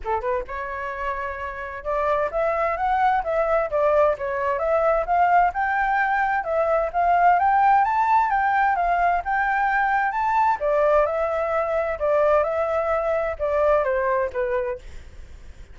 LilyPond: \new Staff \with { instrumentName = "flute" } { \time 4/4 \tempo 4 = 130 a'8 b'8 cis''2. | d''4 e''4 fis''4 e''4 | d''4 cis''4 e''4 f''4 | g''2 e''4 f''4 |
g''4 a''4 g''4 f''4 | g''2 a''4 d''4 | e''2 d''4 e''4~ | e''4 d''4 c''4 b'4 | }